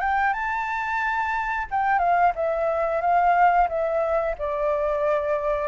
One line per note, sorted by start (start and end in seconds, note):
0.00 0.33 G5
0.33 1.67 A5
1.71 1.99 G5
1.99 2.32 F5
2.35 3.01 E5
3.01 3.68 F5
3.69 4.35 E5
4.38 5.68 D5